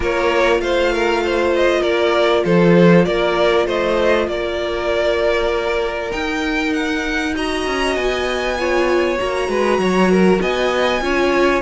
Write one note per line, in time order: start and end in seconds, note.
0.00 0.59 A#3
0.00 6.10 F4
0.00 0.61 A#4
0.00 0.60 C#5
0.59 1.81 A3
0.59 0.92 C5
0.59 1.52 F5
0.92 1.23 A#4
1.24 1.80 C5
1.55 1.82 D#5
1.80 2.44 A#3
1.80 2.42 A#4
1.80 2.43 D5
2.44 3.05 F3
2.44 3.06 A4
2.44 3.04 C5
3.04 3.67 A#3
3.04 3.66 A#4
3.04 3.66 D5
3.66 4.27 A3
3.66 4.27 C5
3.66 4.28 D#5
4.27 6.10 A#3
4.27 7.35 A#4
4.27 6.11 D5
6.10 7.33 D#4
6.10 7.66 D#4
6.10 6.73 G5
6.73 7.34 F#5
7.33 8.56 F#4
7.33 8.57 D#5
7.33 7.96 A#5
7.66 7.96 C#4
7.96 9.18 B3
7.96 9.18 G#5
8.59 9.17 F4
8.59 9.49 C#5
9.17 9.48 A#3
9.17 11.01 F#4
9.17 10.41 A#5
9.48 9.78 G#3
9.48 9.80 B4
9.78 10.39 F#3
9.78 10.11 C#5
10.11 10.41 A#4
10.41 11.00 B3
10.41 11.02 D#5
10.41 11.61 G#5
11.00 11.61 C#4
11.00 11.61 F4
11.00 11.61 C#5